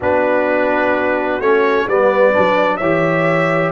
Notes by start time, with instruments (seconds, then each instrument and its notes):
0.00 tuba B3, trombone D4, horn F#4, trumpet B4
1.39 tuba A3, trombone C#4, trumpet C#5
1.86 tuba G3, trombone B3, horn B4, trumpet D5
2.33 tuba F#3, trombone D4
2.76 tuba E3, trombone G4, horn C#5, trumpet E5